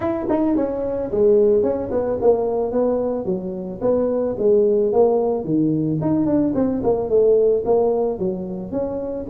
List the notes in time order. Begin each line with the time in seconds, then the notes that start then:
0.00 E4
0.29 D#4
0.56 C#4
1.11 G#3
1.62 C#4
1.91 B3
2.21 A#3
2.71 B3
3.25 F#3
3.81 B3
4.38 G#3
4.92 A#3
5.44 D#3
6.01 D#4
6.26 D4
6.55 C4
6.83 A#3
7.09 A3
7.65 A#3
8.18 F#3
8.71 C#4